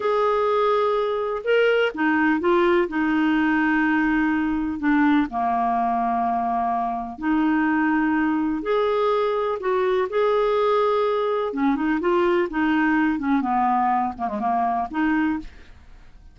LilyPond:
\new Staff \with { instrumentName = "clarinet" } { \time 4/4 \tempo 4 = 125 gis'2. ais'4 | dis'4 f'4 dis'2~ | dis'2 d'4 ais4~ | ais2. dis'4~ |
dis'2 gis'2 | fis'4 gis'2. | cis'8 dis'8 f'4 dis'4. cis'8 | b4. ais16 gis16 ais4 dis'4 | }